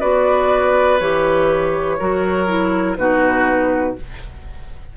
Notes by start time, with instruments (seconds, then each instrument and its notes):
0.00 bassoon B3, clarinet F#4, oboe B4, flute D5
0.99 bassoon E3, clarinet G4, flute C#5
1.99 bassoon F#3, clarinet F#4, oboe A#4
2.47 clarinet E4
2.97 bassoon B2, clarinet D#4, oboe F#4, flute B4